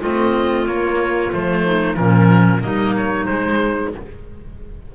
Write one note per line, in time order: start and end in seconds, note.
0.00 0.67 A3
0.00 0.66 C4
0.00 1.63 F4
0.00 0.67 D#5
0.66 1.31 A#3
0.66 1.33 A#3
0.66 1.32 C#5
1.32 1.98 F3
1.32 1.94 A3
1.32 1.95 C5
1.64 1.96 D#4
1.94 2.63 A#2
1.94 2.59 F3
1.94 2.62 C#4
1.94 2.60 A#4
2.60 3.28 G3
2.60 3.25 A#3
2.60 3.93 D#4
2.60 2.95 D#5
2.96 3.25 C#5
3.25 3.94 G#3
3.25 3.95 G#3
3.25 3.90 C5